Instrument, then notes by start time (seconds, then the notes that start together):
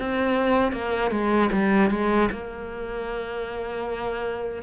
cello
0.00 C4
0.73 A#3
1.11 G#3
1.53 G3
1.91 G#3
2.32 A#3